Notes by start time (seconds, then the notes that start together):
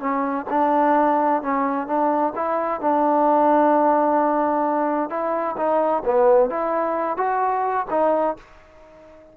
0.00 C#4
0.50 D4
1.42 C#4
1.87 D4
2.36 E4
2.81 D4
5.10 E4
5.57 D#4
6.05 B3
6.50 E4
7.17 F#4
7.91 D#4